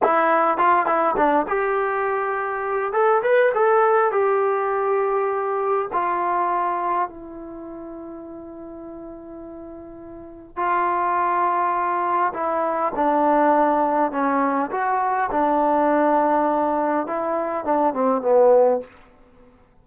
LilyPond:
\new Staff \with { instrumentName = "trombone" } { \time 4/4 \tempo 4 = 102 e'4 f'8 e'8 d'8 g'4.~ | g'4 a'8 b'8 a'4 g'4~ | g'2 f'2 | e'1~ |
e'2 f'2~ | f'4 e'4 d'2 | cis'4 fis'4 d'2~ | d'4 e'4 d'8 c'8 b4 | }